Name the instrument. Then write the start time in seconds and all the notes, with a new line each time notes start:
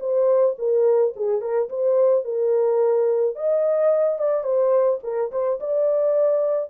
horn
0.00 C5
0.59 A#4
1.16 G#4
1.41 A#4
1.69 C5
2.24 A#4
3.36 D#5
4.19 D5
4.44 C5
5.04 A#4
5.32 C5
5.60 D5